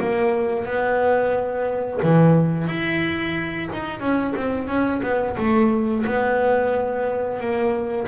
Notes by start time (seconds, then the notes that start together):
0.00 A#3
0.66 B3
2.03 E3
2.68 E4
3.73 D#4
4.00 C#4
4.37 C4
4.68 C#4
5.03 B3
5.37 A3
6.06 B3
7.40 A#3